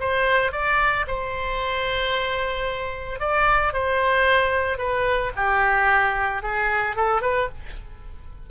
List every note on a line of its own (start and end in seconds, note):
0.00 0.52 C5
0.52 1.06 D5
1.07 3.19 C5
3.19 3.73 D5
3.74 4.78 C5
4.78 5.32 B4
5.36 6.42 G4
6.42 6.96 G#4
6.96 7.22 A4
7.22 7.49 B4